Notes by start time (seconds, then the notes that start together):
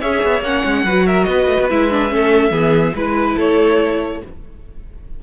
0.00 C#4 G#4 C#5 E5
0.24 B3
0.42 A#3 C#4 F#5
0.65 G#3
0.85 F#3 F#4 B4
1.07 A#4 E5
1.24 B3 B4 D#5
1.47 A3
1.60 B3
1.70 G#3 E4 E5
1.92 D4
2.09 A3 C#4 A4
2.51 E3 B3 G#4
2.95 G#3 E4 B4
3.36 A3 A4 C#5